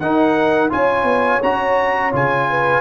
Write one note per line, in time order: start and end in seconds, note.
0.00 0.71 D#4
0.00 0.70 D#4
0.00 0.72 A#4
0.00 0.71 F#5
0.70 1.04 C#4
0.70 1.40 F4
0.70 2.49 C#5
0.70 1.42 G#5
1.04 1.39 B3
1.43 2.13 C#4
1.43 2.13 F#4
1.43 2.14 A#5
2.13 2.81 C#3
2.13 2.81 F4
2.13 2.81 G#5
2.50 2.81 B4